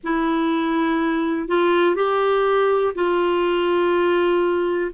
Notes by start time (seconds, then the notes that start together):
0.03 E4
1.48 F4
1.95 G4
2.94 F4